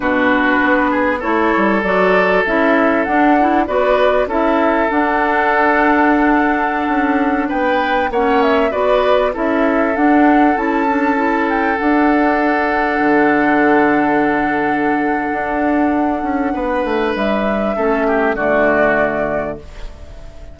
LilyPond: <<
  \new Staff \with { instrumentName = "flute" } { \time 4/4 \tempo 4 = 98 b'2 cis''4 d''4 | e''4 fis''4 d''4 e''4 | fis''1~ | fis''16 g''4 fis''8 e''8 d''4 e''8.~ |
e''16 fis''4 a''4. g''8 fis''8.~ | fis''1~ | fis''1 | e''2 d''2 | }
  \new Staff \with { instrumentName = "oboe" } { \time 4/4 fis'4. gis'8 a'2~ | a'2 b'4 a'4~ | a'1~ | a'16 b'4 cis''4 b'4 a'8.~ |
a'1~ | a'1~ | a'2. b'4~ | b'4 a'8 g'8 fis'2 | }
  \new Staff \with { instrumentName = "clarinet" } { \time 4/4 d'2 e'4 fis'4 | e'4 d'8 e'8 fis'4 e'4 | d'1~ | d'4~ d'16 cis'4 fis'4 e'8.~ |
e'16 d'4 e'8 d'8 e'4 d'8.~ | d'1~ | d'1~ | d'4 cis'4 a2 | }
  \new Staff \with { instrumentName = "bassoon" } { \time 4/4 b,4 b4 a8 g8 fis4 | cis'4 d'4 b4 cis'4 | d'2.~ d'16 cis'8.~ | cis'16 b4 ais4 b4 cis'8.~ |
cis'16 d'4 cis'2 d'8.~ | d'4~ d'16 d2~ d8.~ | d4 d'4. cis'8 b8 a8 | g4 a4 d2 | }
>>